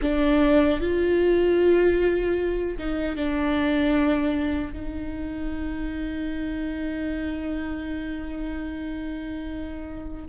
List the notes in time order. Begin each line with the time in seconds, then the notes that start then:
0.01 D4
0.80 F4
2.78 D#4
3.16 D4
4.72 D#4